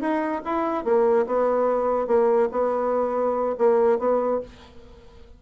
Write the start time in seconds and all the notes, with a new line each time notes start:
0.00 D#4
0.44 E4
0.84 A#3
1.26 B3
2.07 A#3
2.52 B3
3.58 A#3
3.98 B3